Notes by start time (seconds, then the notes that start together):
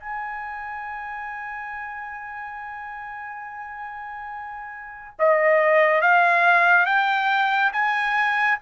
0.00 G#5
5.19 D#5
6.01 F5
6.86 G5
7.73 G#5